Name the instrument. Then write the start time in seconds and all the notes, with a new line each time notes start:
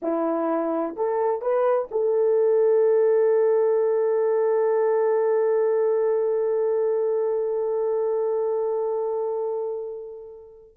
horn
0.01 E4
0.96 A4
1.41 B4
1.91 A4